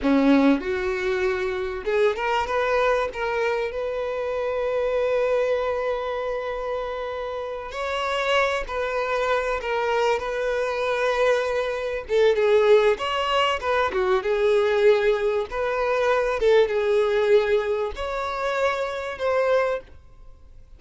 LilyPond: \new Staff \with { instrumentName = "violin" } { \time 4/4 \tempo 4 = 97 cis'4 fis'2 gis'8 ais'8 | b'4 ais'4 b'2~ | b'1~ | b'8 cis''4. b'4. ais'8~ |
ais'8 b'2. a'8 | gis'4 cis''4 b'8 fis'8 gis'4~ | gis'4 b'4. a'8 gis'4~ | gis'4 cis''2 c''4 | }